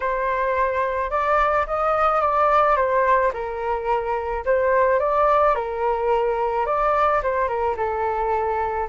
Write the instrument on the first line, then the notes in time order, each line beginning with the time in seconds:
flute
0.00 C5
1.10 D5
1.66 D#5
2.21 D5
2.76 C5
3.33 A#4
4.45 C5
4.99 D5
5.55 A#4
6.66 D5
7.22 C5
7.47 A#4
7.76 A4